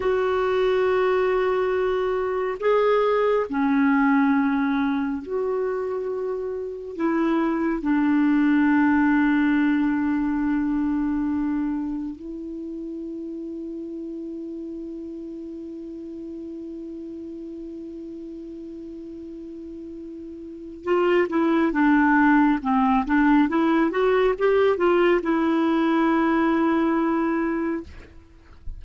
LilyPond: \new Staff \with { instrumentName = "clarinet" } { \time 4/4 \tempo 4 = 69 fis'2. gis'4 | cis'2 fis'2 | e'4 d'2.~ | d'2 e'2~ |
e'1~ | e'1 | f'8 e'8 d'4 c'8 d'8 e'8 fis'8 | g'8 f'8 e'2. | }